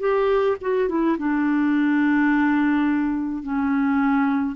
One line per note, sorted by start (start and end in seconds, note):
0.00 0.57 G4
0.61 0.89 F#4
0.89 1.17 E4
1.18 3.43 D4
3.43 4.55 C#4